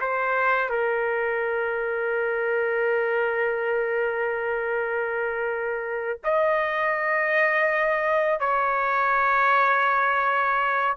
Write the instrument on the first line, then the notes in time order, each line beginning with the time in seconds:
trumpet
0.00 C5
0.69 A#4
6.24 D#5
8.40 C#5